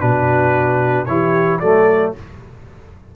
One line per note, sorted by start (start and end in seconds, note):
0.00 1.07 B2
0.00 1.06 D4
0.00 1.07 F#4
0.00 1.06 B4
1.06 1.61 E3
1.06 1.62 E4
1.06 1.60 G4
1.06 1.59 C#5
1.59 2.14 F#3
1.59 2.16 A3
1.59 2.13 A4
1.59 2.12 D5